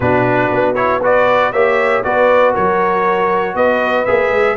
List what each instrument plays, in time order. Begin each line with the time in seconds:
0.00 tuba B2, trombone D4, horn F#4, trumpet B4
0.51 tuba B3
0.74 trombone E4, trumpet C#5
1.01 trombone F#4, horn B4, trumpet D5
1.52 tuba A#3, trombone G4, horn C#5, trumpet E5
2.03 tuba B3, trombone F#4, horn B4, trumpet D5
2.52 tuba F#3, horn A#4, trumpet C#5
3.54 tuba B3, horn B4, trumpet D#5
4.05 tuba A#3, trombone G#4, trumpet E5
4.30 tuba G#3